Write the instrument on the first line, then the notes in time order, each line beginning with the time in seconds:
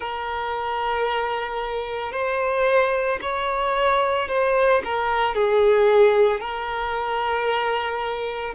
violin
0.00 A#4
2.12 C5
3.21 C#5
4.28 C5
4.84 A#4
5.35 G#4
6.40 A#4